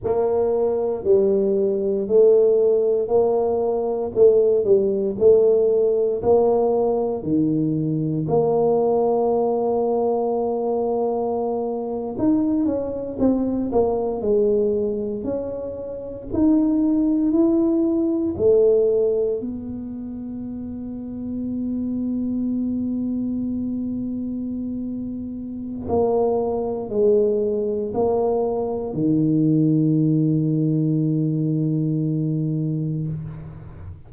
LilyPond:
\new Staff \with { instrumentName = "tuba" } { \time 4/4 \tempo 4 = 58 ais4 g4 a4 ais4 | a8 g8 a4 ais4 dis4 | ais2.~ ais8. dis'16~ | dis'16 cis'8 c'8 ais8 gis4 cis'4 dis'16~ |
dis'8. e'4 a4 b4~ b16~ | b1~ | b4 ais4 gis4 ais4 | dis1 | }